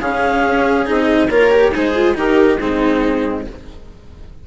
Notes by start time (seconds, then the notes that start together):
0.00 C#3 C#4 G#4 F5
0.46 C#4
0.85 C4 D#4 D#5
1.29 A#3 F4 A#4 C#5
1.50 G4
1.71 G#3 D#4 G#4 C5
1.95 F4
2.14 D#3 D#4 G4 A#4
2.58 G#3 C4 D#4 G#4